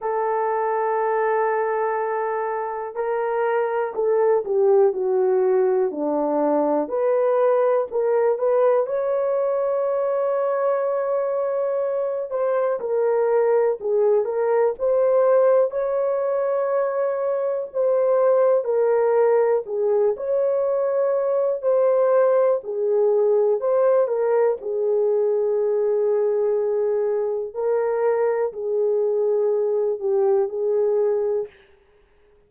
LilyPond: \new Staff \with { instrumentName = "horn" } { \time 4/4 \tempo 4 = 61 a'2. ais'4 | a'8 g'8 fis'4 d'4 b'4 | ais'8 b'8 cis''2.~ | cis''8 c''8 ais'4 gis'8 ais'8 c''4 |
cis''2 c''4 ais'4 | gis'8 cis''4. c''4 gis'4 | c''8 ais'8 gis'2. | ais'4 gis'4. g'8 gis'4 | }